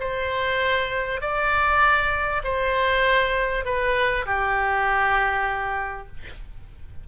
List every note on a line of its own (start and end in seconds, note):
0.00 1.21 C5
1.21 2.42 D5
2.44 3.65 C5
3.65 4.26 B4
4.26 6.07 G4